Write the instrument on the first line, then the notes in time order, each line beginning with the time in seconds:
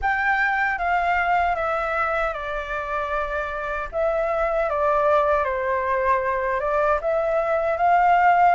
flute
0.01 G5
0.78 F5
1.55 E5
2.33 D5
3.92 E5
4.69 D5
5.44 C5
6.60 D5
7.01 E5
7.77 F5